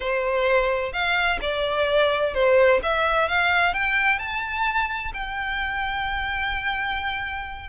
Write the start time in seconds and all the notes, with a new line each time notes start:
0.00 C5
0.92 F5
1.41 D5
2.33 C5
2.82 E5
3.28 F5
3.73 G5
4.19 A5
5.13 G5